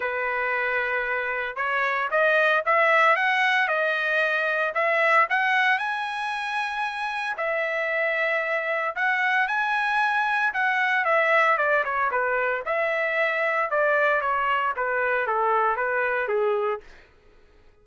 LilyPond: \new Staff \with { instrumentName = "trumpet" } { \time 4/4 \tempo 4 = 114 b'2. cis''4 | dis''4 e''4 fis''4 dis''4~ | dis''4 e''4 fis''4 gis''4~ | gis''2 e''2~ |
e''4 fis''4 gis''2 | fis''4 e''4 d''8 cis''8 b'4 | e''2 d''4 cis''4 | b'4 a'4 b'4 gis'4 | }